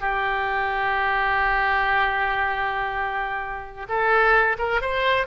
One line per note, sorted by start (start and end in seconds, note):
0.00 3.86 G4
3.88 4.57 A4
4.58 4.81 A#4
4.81 5.26 C5